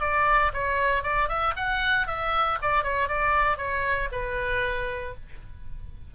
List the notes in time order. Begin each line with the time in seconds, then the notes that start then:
0.00 D5
0.53 C#5
1.03 D5
1.28 E5
1.56 F#5
2.07 E5
2.62 D5
2.83 C#5
3.08 D5
3.57 C#5
4.12 B4